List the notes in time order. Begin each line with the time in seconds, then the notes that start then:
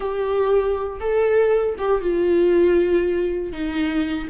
0.00 G4
1.00 A4
1.77 G4
2.01 F4
3.52 D#4